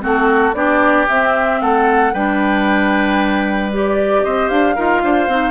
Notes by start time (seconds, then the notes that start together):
0.00 A3 C4 F#4 A4
0.53 B3 D4 G4 D5
1.08 C4 E5
1.61 A3 A4 F#5
2.12 G3 D4 B4 G5
3.71 G4 D5
4.24 C4 C5 D#5
4.48 D4 F5
4.75 D#4 F4 A#4
5.03 D4 C5
5.28 C4 D#4